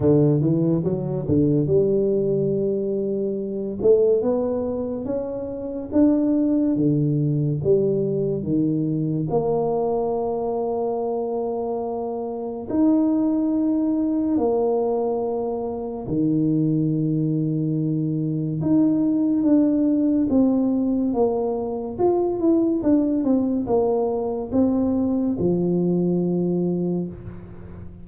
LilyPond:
\new Staff \with { instrumentName = "tuba" } { \time 4/4 \tempo 4 = 71 d8 e8 fis8 d8 g2~ | g8 a8 b4 cis'4 d'4 | d4 g4 dis4 ais4~ | ais2. dis'4~ |
dis'4 ais2 dis4~ | dis2 dis'4 d'4 | c'4 ais4 f'8 e'8 d'8 c'8 | ais4 c'4 f2 | }